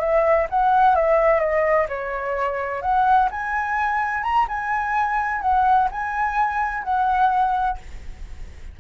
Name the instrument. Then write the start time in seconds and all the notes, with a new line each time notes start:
flute
0.00 E5
0.50 F#5
0.96 E5
1.40 D#5
1.89 C#5
2.82 F#5
3.32 G#5
4.23 A#5
4.49 G#5
5.42 F#5
5.92 G#5
6.84 F#5